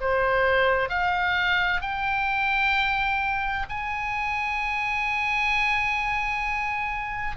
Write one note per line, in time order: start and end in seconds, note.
0.00 0.89 C5
0.89 1.81 F5
1.81 3.65 G5
3.69 7.36 G#5